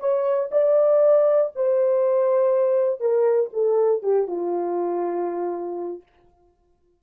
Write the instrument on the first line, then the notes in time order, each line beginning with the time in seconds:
horn
0.00 C#5
0.52 D5
1.55 C5
3.00 A#4
3.53 A4
4.03 G4
4.28 F4